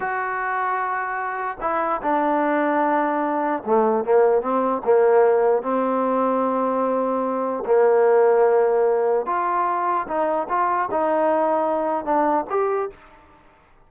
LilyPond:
\new Staff \with { instrumentName = "trombone" } { \time 4/4 \tempo 4 = 149 fis'1 | e'4 d'2.~ | d'4 a4 ais4 c'4 | ais2 c'2~ |
c'2. ais4~ | ais2. f'4~ | f'4 dis'4 f'4 dis'4~ | dis'2 d'4 g'4 | }